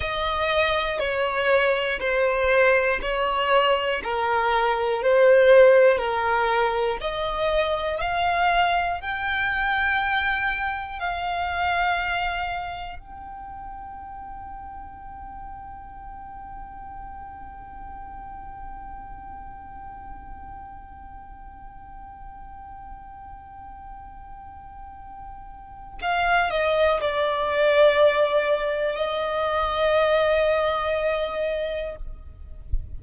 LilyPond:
\new Staff \with { instrumentName = "violin" } { \time 4/4 \tempo 4 = 60 dis''4 cis''4 c''4 cis''4 | ais'4 c''4 ais'4 dis''4 | f''4 g''2 f''4~ | f''4 g''2.~ |
g''1~ | g''1~ | g''2 f''8 dis''8 d''4~ | d''4 dis''2. | }